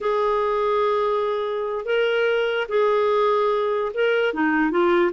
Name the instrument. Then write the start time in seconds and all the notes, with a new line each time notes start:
clarinet
0.00 G#4
1.85 A#4
2.68 G#4
3.94 A#4
4.33 D#4
4.70 F4